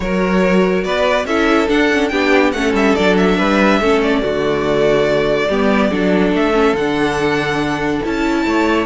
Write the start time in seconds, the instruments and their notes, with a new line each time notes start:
0.00 cello F#3, viola F#4, violin A#4 C#5
0.83 cello B3, violin B4 D5
1.25 cello C#4, viola E4, violin A4 E5
1.68 viola D4, cello D4, violin F#5
1.93 viola C#4
2.08 cello B3, viola D4, violin G4 G5
2.52 cello A3, viola C#4, violin A4 F#5
2.73 cello G3, violin E5
2.95 cello F#3, viola D4, violin D5
3.16 violin E5
3.37 cello G3, violin B4
3.80 cello A3, viola C#4, violin A4
4.02 violin D5
4.21 cello D3, viola A3, violin F#4
5.48 cello G3, viola B3, violin G4
5.90 cello F#3, viola D4, violin A4
6.32 cello A3, violin E5
6.53 viola C#4
6.73 cello D3, viola D4, violin F#5
8.03 cello C#4, viola E4, violin A5
8.45 cello A3, violin C#5